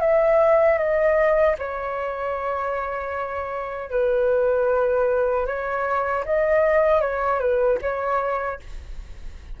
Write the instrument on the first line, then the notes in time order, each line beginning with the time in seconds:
flute
0.00 E5
0.78 D#5
1.58 C#5
3.90 B4
5.46 C#5
6.25 D#5
7.00 C#5
7.39 B4
7.81 C#5